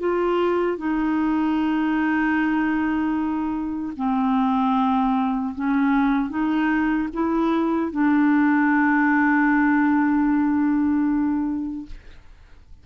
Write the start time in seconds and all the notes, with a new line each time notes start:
0.00 F4
0.78 D#4
3.97 C4
5.55 C#4
6.30 D#4
7.13 E4
7.92 D4